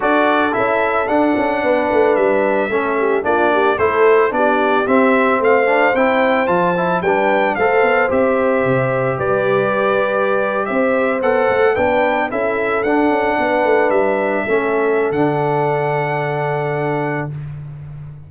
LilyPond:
<<
  \new Staff \with { instrumentName = "trumpet" } { \time 4/4 \tempo 4 = 111 d''4 e''4 fis''2 | e''2 d''4 c''4 | d''4 e''4 f''4 g''4 | a''4 g''4 f''4 e''4~ |
e''4 d''2~ d''8. e''16~ | e''8. fis''4 g''4 e''4 fis''16~ | fis''4.~ fis''16 e''2~ e''16 | fis''1 | }
  \new Staff \with { instrumentName = "horn" } { \time 4/4 a'2. b'4~ | b'4 a'8 g'8 f'8 g'8 a'4 | g'2 c''2~ | c''4 b'4 c''2~ |
c''4 b'2~ b'8. c''16~ | c''4.~ c''16 b'4 a'4~ a'16~ | a'8. b'2 a'4~ a'16~ | a'1 | }
  \new Staff \with { instrumentName = "trombone" } { \time 4/4 fis'4 e'4 d'2~ | d'4 cis'4 d'4 e'4 | d'4 c'4. d'8 e'4 | f'8 e'8 d'4 a'4 g'4~ |
g'1~ | g'8. a'4 d'4 e'4 d'16~ | d'2~ d'8. cis'4~ cis'16 | d'1 | }
  \new Staff \with { instrumentName = "tuba" } { \time 4/4 d'4 cis'4 d'8 cis'8 b8 a8 | g4 a4 ais4 a4 | b4 c'4 a4 c'4 | f4 g4 a8 b8 c'4 |
c4 g2~ g8. c'16~ | c'8. b8 a8 b4 cis'4 d'16~ | d'16 cis'8 b8 a8 g4 a4~ a16 | d1 | }
>>